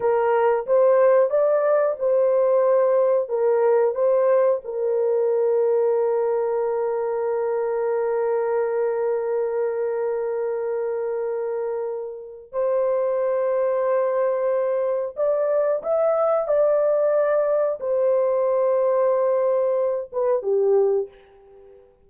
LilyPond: \new Staff \with { instrumentName = "horn" } { \time 4/4 \tempo 4 = 91 ais'4 c''4 d''4 c''4~ | c''4 ais'4 c''4 ais'4~ | ais'1~ | ais'1~ |
ais'2. c''4~ | c''2. d''4 | e''4 d''2 c''4~ | c''2~ c''8 b'8 g'4 | }